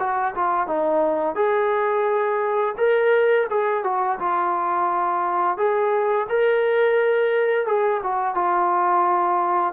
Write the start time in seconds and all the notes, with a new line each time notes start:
0.00 F#4
0.36 F4
0.68 D#4
1.36 G#4
2.78 A#4
3.50 G#4
3.84 F#4
4.20 F4
5.58 G#4
6.30 A#4
7.67 G#4
8.03 F#4
8.35 F4